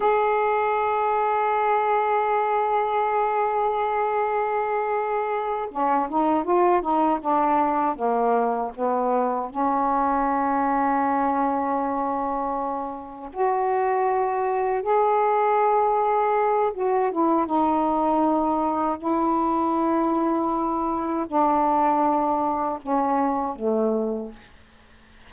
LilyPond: \new Staff \with { instrumentName = "saxophone" } { \time 4/4 \tempo 4 = 79 gis'1~ | gis'2.~ gis'8 cis'8 | dis'8 f'8 dis'8 d'4 ais4 b8~ | b8 cis'2.~ cis'8~ |
cis'4. fis'2 gis'8~ | gis'2 fis'8 e'8 dis'4~ | dis'4 e'2. | d'2 cis'4 a4 | }